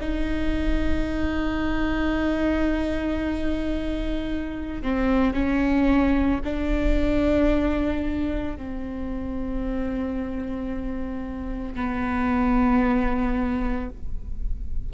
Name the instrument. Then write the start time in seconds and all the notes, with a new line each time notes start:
viola
0.00 D#4
4.82 C4
5.33 C#4
6.44 D4
8.56 C4
11.75 B3